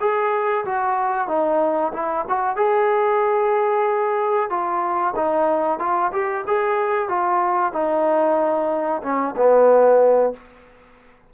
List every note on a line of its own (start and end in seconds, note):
0.00 0.65 G#4
0.65 1.28 F#4
1.28 1.92 D#4
1.93 2.26 E4
2.29 2.56 F#4
2.56 4.50 G#4
4.50 5.14 F4
5.16 5.79 D#4
5.79 6.11 F4
6.12 6.45 G4
6.47 7.09 G#4
7.09 7.73 F4
7.73 9.02 D#4
9.03 9.35 C#4
9.37 10.33 B3